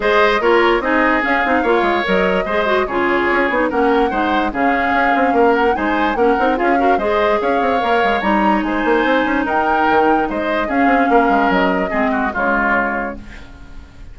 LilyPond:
<<
  \new Staff \with { instrumentName = "flute" } { \time 4/4 \tempo 4 = 146 dis''4 cis''4 dis''4 f''4~ | f''4 dis''2 cis''4~ | cis''4 fis''2 f''4~ | f''4. fis''8 gis''4 fis''4 |
f''4 dis''4 f''2 | ais''4 gis''2 g''4~ | g''4 dis''4 f''2 | dis''2 cis''2 | }
  \new Staff \with { instrumentName = "oboe" } { \time 4/4 c''4 ais'4 gis'2 | cis''2 c''4 gis'4~ | gis'4 ais'4 c''4 gis'4~ | gis'4 ais'4 c''4 ais'4 |
gis'8 ais'8 c''4 cis''2~ | cis''4 c''2 ais'4~ | ais'4 c''4 gis'4 ais'4~ | ais'4 gis'8 fis'8 f'2 | }
  \new Staff \with { instrumentName = "clarinet" } { \time 4/4 gis'4 f'4 dis'4 cis'8 dis'8 | f'4 ais'4 gis'8 fis'8 f'4~ | f'8 dis'8 cis'4 dis'4 cis'4~ | cis'2 dis'4 cis'8 dis'8 |
f'8 fis'8 gis'2 ais'4 | dis'1~ | dis'2 cis'2~ | cis'4 c'4 gis2 | }
  \new Staff \with { instrumentName = "bassoon" } { \time 4/4 gis4 ais4 c'4 cis'8 c'8 | ais8 gis8 fis4 gis4 cis4 | cis'8 b8 ais4 gis4 cis4 | cis'8 c'8 ais4 gis4 ais8 c'8 |
cis'4 gis4 cis'8 c'8 ais8 gis8 | g4 gis8 ais8 c'8 cis'8 dis'4 | dis4 gis4 cis'8 c'8 ais8 gis8 | fis4 gis4 cis2 | }
>>